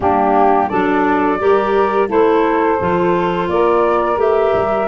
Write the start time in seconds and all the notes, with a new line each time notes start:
0.00 G3 A#3 D4 G4
0.68 F#3 D4 A4 D5
1.39 G3 G4 A#4
2.08 A3 E4 A4 C5
2.79 F3 F4
3.48 A#3 A#4 D5
4.16 A3 G4 E5
4.54 G3